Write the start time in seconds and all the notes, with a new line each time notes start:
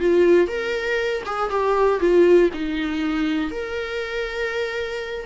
0.00 F4
0.48 A#4
1.26 G#4
1.50 G4
2.00 F4
2.53 D#4
3.51 A#4